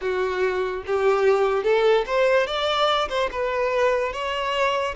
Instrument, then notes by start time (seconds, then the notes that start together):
violin
0.01 F#4
0.86 G4
1.63 A4
2.06 C5
2.47 D5
3.09 C5
3.31 B4
4.12 C#5